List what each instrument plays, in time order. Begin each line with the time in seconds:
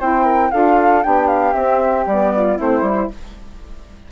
0.00 bassoon C4, saxophone E4, flute C5 G5
0.24 flute A#4
0.52 bassoon D4, saxophone F4, flute A4 F5
1.02 bassoon B3, saxophone D4, flute G4 G5
1.28 flute F5
1.54 bassoon C4, saxophone C4, flute E5
2.06 bassoon G3, saxophone B3, flute D5
2.35 flute F4
2.57 bassoon A3, saxophone C4, flute E4 C5
2.82 bassoon G3, saxophone E4